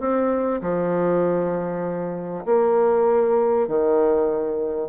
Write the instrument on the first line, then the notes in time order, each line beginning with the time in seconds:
bassoon
0.00 C4
0.62 F3
2.45 A#3
3.68 D#3